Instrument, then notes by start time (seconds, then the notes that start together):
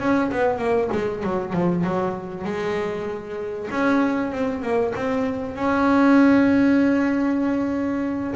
double bass
0.00 C#4
0.31 B3
0.58 A#3
0.92 G#3
1.23 F#3
1.53 F3
1.84 F#3
2.45 G#3
3.71 C#4
4.32 C4
4.63 A#3
4.95 C4
5.56 C#4